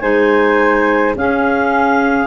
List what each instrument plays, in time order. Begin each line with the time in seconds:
0.00 tuba G#3, clarinet D#4 G#5, flute C5
1.15 tuba C#4, clarinet C#4 F5, flute G#4